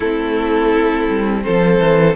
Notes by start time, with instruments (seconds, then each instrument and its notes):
0.00 cello A3, viola C4, violin E4 A4
1.09 cello G3
1.43 cello F3, violin A4 C5
1.79 cello E3